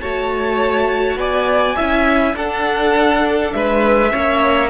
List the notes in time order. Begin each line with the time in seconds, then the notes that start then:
0.00 A3 F#4 C#5 A5
1.16 B3 D5 G#5
1.76 C#4 E4 E5
2.34 D4 A4 F#5
3.53 G#3 B4 E5
4.10 A#3 C#4 C#5